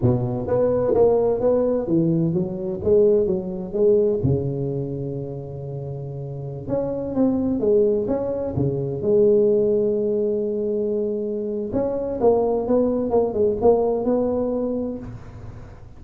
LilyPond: \new Staff \with { instrumentName = "tuba" } { \time 4/4 \tempo 4 = 128 b,4 b4 ais4 b4 | e4 fis4 gis4 fis4 | gis4 cis2.~ | cis2~ cis16 cis'4 c'8.~ |
c'16 gis4 cis'4 cis4 gis8.~ | gis1~ | gis4 cis'4 ais4 b4 | ais8 gis8 ais4 b2 | }